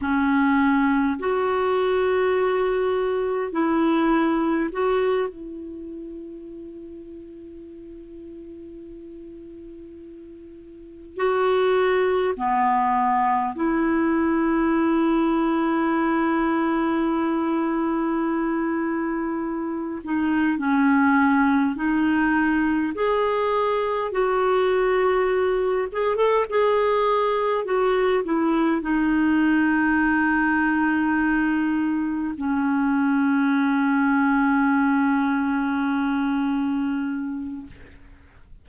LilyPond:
\new Staff \with { instrumentName = "clarinet" } { \time 4/4 \tempo 4 = 51 cis'4 fis'2 e'4 | fis'8 e'2.~ e'8~ | e'4. fis'4 b4 e'8~ | e'1~ |
e'4 dis'8 cis'4 dis'4 gis'8~ | gis'8 fis'4. gis'16 a'16 gis'4 fis'8 | e'8 dis'2. cis'8~ | cis'1 | }